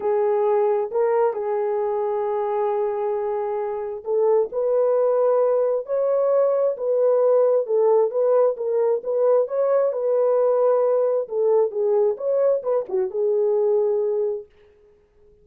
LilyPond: \new Staff \with { instrumentName = "horn" } { \time 4/4 \tempo 4 = 133 gis'2 ais'4 gis'4~ | gis'1~ | gis'4 a'4 b'2~ | b'4 cis''2 b'4~ |
b'4 a'4 b'4 ais'4 | b'4 cis''4 b'2~ | b'4 a'4 gis'4 cis''4 | b'8 fis'8 gis'2. | }